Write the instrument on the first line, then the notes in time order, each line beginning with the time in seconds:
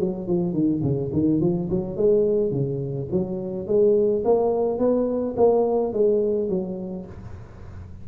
tuba
0.00 F#3
0.28 F3
0.53 D#3
0.83 C#3
1.13 D#3
1.41 F3
1.71 F#3
1.97 G#3
2.51 C#3
3.12 F#3
3.67 G#3
4.25 A#3
4.79 B3
5.37 A#3
5.93 G#3
6.49 F#3